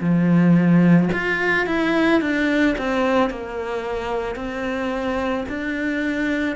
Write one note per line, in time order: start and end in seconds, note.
0.00 1.09 F3
1.13 1.67 F4
1.67 2.21 E4
2.21 2.76 D4
2.78 3.30 C4
3.30 4.35 A#3
4.35 5.44 C4
5.48 6.56 D4